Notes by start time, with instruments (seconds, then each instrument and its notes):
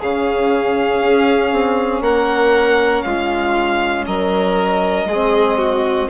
0.00 bassoon C#3, trombone C#4, violin G#4 F5
1.02 bassoon C#4
1.52 bassoon C4
2.01 bassoon A#3, violin A#4 F#5
3.03 bassoon G#3, violin F4 F5
4.07 bassoon F#3, violin A#4 D#5
5.06 bassoon G#3, trombone C4, violin G#4
5.58 violin F#4